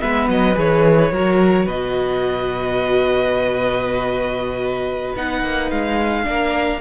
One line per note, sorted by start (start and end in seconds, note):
0.00 0.28 G#3
0.00 0.55 B3
0.00 1.12 B4
0.00 0.28 E5
0.28 0.56 F#3
0.28 0.58 D#5
0.55 1.12 E3
0.55 1.10 G#4
0.55 1.68 C#5
1.12 1.67 F#3
1.12 5.16 F#4
1.12 1.65 A#4
1.65 5.14 B2
1.65 6.24 B4
1.65 5.16 D#5
5.16 5.43 B3
5.16 6.24 D#4
5.16 5.71 F#5
5.43 5.71 A#3
5.71 6.27 G#3
5.71 6.81 F5
6.24 6.81 A#3
6.24 6.80 D4
6.24 6.81 A#4